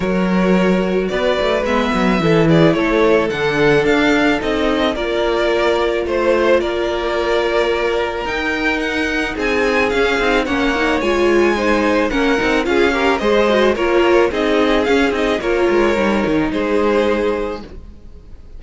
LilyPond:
<<
  \new Staff \with { instrumentName = "violin" } { \time 4/4 \tempo 4 = 109 cis''2 d''4 e''4~ | e''8 d''8 cis''4 fis''4 f''4 | dis''4 d''2 c''4 | d''2. g''4 |
fis''4 gis''4 f''4 fis''4 | gis''2 fis''4 f''4 | dis''4 cis''4 dis''4 f''8 dis''8 | cis''2 c''2 | }
  \new Staff \with { instrumentName = "violin" } { \time 4/4 ais'2 b'2 | a'8 gis'8 a'2.~ | a'4 ais'2 c''4 | ais'1~ |
ais'4 gis'2 cis''4~ | cis''4 c''4 ais'4 gis'8 ais'8 | c''4 ais'4 gis'2 | ais'2 gis'2 | }
  \new Staff \with { instrumentName = "viola" } { \time 4/4 fis'2. b4 | e'2 d'2 | dis'4 f'2.~ | f'2. dis'4~ |
dis'2 cis'8 dis'8 cis'8 dis'8 | f'4 dis'4 cis'8 dis'8 f'8 g'8 | gis'8 fis'8 f'4 dis'4 cis'8 dis'8 | f'4 dis'2. | }
  \new Staff \with { instrumentName = "cello" } { \time 4/4 fis2 b8 a8 gis8 fis8 | e4 a4 d4 d'4 | c'4 ais2 a4 | ais2. dis'4~ |
dis'4 c'4 cis'8 c'8 ais4 | gis2 ais8 c'8 cis'4 | gis4 ais4 c'4 cis'8 c'8 | ais8 gis8 g8 dis8 gis2 | }
>>